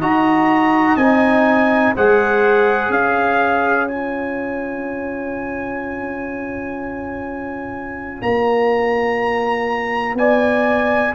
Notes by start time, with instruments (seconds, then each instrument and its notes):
0.00 tuba D#4, trombone F#4, horn D#5, trumpet A#5
0.96 tuba C4, trombone D#4, trumpet G#5
1.96 tuba G#3, trombone G#4, horn C5, trumpet F#5
2.89 tuba C#4, horn C#5, trumpet F5
3.89 trombone F4, trumpet G#5
8.22 tuba A#3, trumpet A#5
10.15 tuba B3, horn D5, trumpet G#5